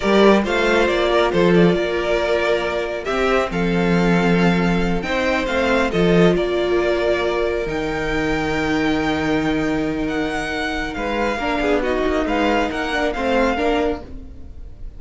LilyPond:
<<
  \new Staff \with { instrumentName = "violin" } { \time 4/4 \tempo 4 = 137 d''4 f''4 d''4 c''8 d''8~ | d''2. e''4 | f''2.~ f''8 g''8~ | g''8 f''4 dis''4 d''4.~ |
d''4. g''2~ g''8~ | g''2. fis''4~ | fis''4 f''2 dis''4 | f''4 fis''4 f''2 | }
  \new Staff \with { instrumentName = "violin" } { \time 4/4 ais'4 c''4. ais'8 a'4 | ais'2. g'4 | a'2.~ a'8 c''8~ | c''4. a'4 ais'4.~ |
ais'1~ | ais'1~ | ais'4 b'4 ais'8 gis'8 fis'4 | b'4 ais'4 c''4 ais'4 | }
  \new Staff \with { instrumentName = "viola" } { \time 4/4 g'4 f'2.~ | f'2. c'4~ | c'2.~ c'8 dis'8~ | dis'8 c'4 f'2~ f'8~ |
f'4. dis'2~ dis'8~ | dis'1~ | dis'2 d'4 dis'4~ | dis'4. d'8 c'4 d'4 | }
  \new Staff \with { instrumentName = "cello" } { \time 4/4 g4 a4 ais4 f4 | ais2. c'4 | f2.~ f8 c'8~ | c'8 a4 f4 ais4.~ |
ais4. dis2~ dis8~ | dis1~ | dis4 gis4 ais8 b4 ais8 | gis4 ais4 a4 ais4 | }
>>